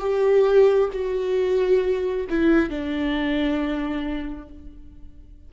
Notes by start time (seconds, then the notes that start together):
0.00 G4
0.93 F#4
2.30 E4
2.70 D4